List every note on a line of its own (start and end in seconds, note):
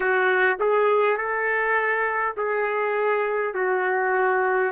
0.00 0.56 F#4
0.59 1.17 G#4
1.17 2.35 A4
2.36 3.53 G#4
3.53 4.71 F#4